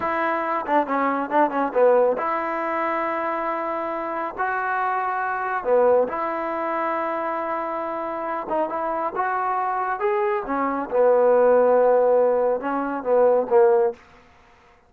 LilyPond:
\new Staff \with { instrumentName = "trombone" } { \time 4/4 \tempo 4 = 138 e'4. d'8 cis'4 d'8 cis'8 | b4 e'2.~ | e'2 fis'2~ | fis'4 b4 e'2~ |
e'2.~ e'8 dis'8 | e'4 fis'2 gis'4 | cis'4 b2.~ | b4 cis'4 b4 ais4 | }